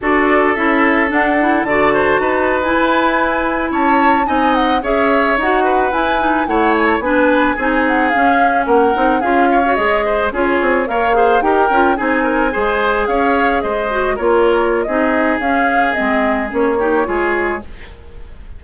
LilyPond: <<
  \new Staff \with { instrumentName = "flute" } { \time 4/4 \tempo 4 = 109 d''4 e''4 fis''4 a''4~ | a''8. gis''2 a''4 gis''16~ | gis''16 fis''8 e''4 fis''4 gis''4 fis''16~ | fis''16 gis''16 a''16 gis''4. fis''8 f''4 fis''16~ |
fis''8. f''4 dis''4 cis''4 f''16~ | f''8. g''4 gis''2 f''16~ | f''8. dis''4 cis''4~ cis''16 dis''4 | f''4 dis''4 cis''2 | }
  \new Staff \with { instrumentName = "oboe" } { \time 4/4 a'2. d''8 c''8 | b'2~ b'8. cis''4 dis''16~ | dis''8. cis''4. b'4. cis''16~ | cis''8. b'4 gis'2 ais'16~ |
ais'8. gis'8 cis''4 c''8 gis'4 cis''16~ | cis''16 c''8 ais'4 gis'8 ais'8 c''4 cis''16~ | cis''8. c''4 ais'4~ ais'16 gis'4~ | gis'2~ gis'8 g'8 gis'4 | }
  \new Staff \with { instrumentName = "clarinet" } { \time 4/4 fis'4 e'4 d'8 e'8 fis'4~ | fis'8. e'2. dis'16~ | dis'8. gis'4 fis'4 e'8 dis'8 e'16~ | e'8. d'4 dis'4 cis'4~ cis'16~ |
cis'16 dis'8 f'8. fis'16 gis'4 f'4 ais'16~ | ais'16 gis'8 g'8 f'8 dis'4 gis'4~ gis'16~ | gis'4~ gis'16 fis'8 f'4~ f'16 dis'4 | cis'4 c'4 cis'8 dis'8 f'4 | }
  \new Staff \with { instrumentName = "bassoon" } { \time 4/4 d'4 cis'4 d'4 d4 | dis'4 e'4.~ e'16 cis'4 c'16~ | c'8. cis'4 dis'4 e'4 a16~ | a8. b4 c'4 cis'4 ais16~ |
ais16 c'8 cis'4 gis4 cis'8 c'8 ais16~ | ais8. dis'8 cis'8 c'4 gis4 cis'16~ | cis'8. gis4 ais4~ ais16 c'4 | cis'4 gis4 ais4 gis4 | }
>>